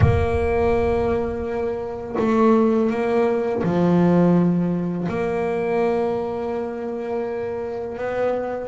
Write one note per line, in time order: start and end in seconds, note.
0.00 2.15 A#3
2.19 2.90 A3
2.90 3.62 A#3
3.63 5.07 F3
5.08 7.97 A#3
7.97 8.67 B3